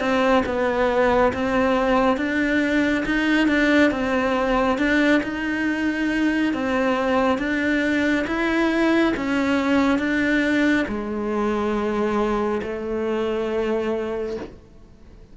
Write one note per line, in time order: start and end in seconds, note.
0.00 0.43 C4
0.46 1.33 B3
1.33 2.17 C4
2.17 3.04 D4
3.06 3.48 D#4
3.48 3.91 D4
3.91 4.78 C4
4.78 5.22 D4
5.23 6.54 D#4
6.54 7.39 C4
7.39 8.26 D4
8.27 9.14 E4
9.17 9.99 C#4
9.99 10.86 D4
10.88 12.62 G#3
12.63 14.37 A3